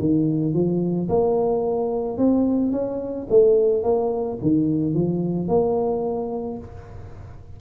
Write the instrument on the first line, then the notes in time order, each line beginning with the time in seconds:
tuba
0.00 D#3
0.54 F3
1.09 A#3
2.18 C4
2.72 C#4
3.30 A3
3.84 A#3
4.42 D#3
4.94 F3
5.48 A#3